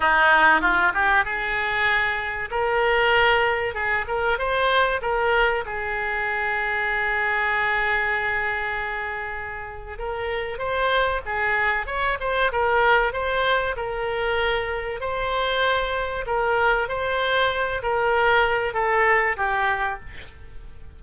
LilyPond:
\new Staff \with { instrumentName = "oboe" } { \time 4/4 \tempo 4 = 96 dis'4 f'8 g'8 gis'2 | ais'2 gis'8 ais'8 c''4 | ais'4 gis'2.~ | gis'1 |
ais'4 c''4 gis'4 cis''8 c''8 | ais'4 c''4 ais'2 | c''2 ais'4 c''4~ | c''8 ais'4. a'4 g'4 | }